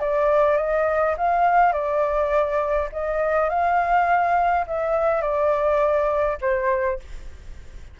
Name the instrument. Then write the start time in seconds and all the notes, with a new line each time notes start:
flute
0.00 D5
0.57 D#5
1.18 F5
1.73 D5
2.92 D#5
3.50 F5
4.67 E5
5.22 D5
6.41 C5